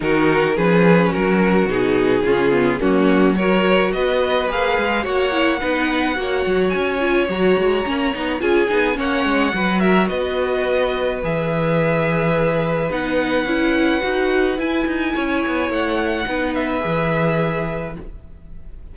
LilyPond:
<<
  \new Staff \with { instrumentName = "violin" } { \time 4/4 \tempo 4 = 107 ais'4 b'4 ais'4 gis'4~ | gis'4 fis'4 cis''4 dis''4 | f''4 fis''2. | gis''4 ais''2 gis''4 |
fis''4. e''8 dis''2 | e''2. fis''4~ | fis''2 gis''2 | fis''4. e''2~ e''8 | }
  \new Staff \with { instrumentName = "violin" } { \time 4/4 fis'4 gis'4 fis'2 | f'4 cis'4 ais'4 b'4~ | b'4 cis''4 b'4 cis''4~ | cis''2. gis'4 |
cis''4 b'8 ais'8 b'2~ | b'1~ | b'2. cis''4~ | cis''4 b'2. | }
  \new Staff \with { instrumentName = "viola" } { \time 4/4 dis'4 cis'2 dis'4 | cis'8 b8 ais4 fis'2 | gis'4 fis'8 e'8 dis'4 fis'4~ | fis'8 f'8 fis'4 cis'8 dis'8 f'8 dis'8 |
cis'4 fis'2. | gis'2. dis'4 | e'4 fis'4 e'2~ | e'4 dis'4 gis'2 | }
  \new Staff \with { instrumentName = "cello" } { \time 4/4 dis4 f4 fis4 b,4 | cis4 fis2 b4 | ais8 gis8 ais4 b4 ais8 fis8 | cis'4 fis8 gis8 ais8 b8 cis'8 b8 |
ais8 gis8 fis4 b2 | e2. b4 | cis'4 dis'4 e'8 dis'8 cis'8 b8 | a4 b4 e2 | }
>>